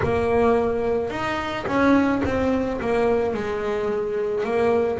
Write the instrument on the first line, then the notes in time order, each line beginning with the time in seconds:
double bass
0.03 A#3
1.10 D#4
1.66 C#4
2.24 C4
2.80 A#3
3.33 G#3
4.43 A#3